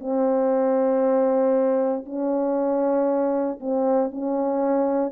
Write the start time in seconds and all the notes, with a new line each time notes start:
0.00 C4
2.06 C#4
3.60 C4
4.11 C#4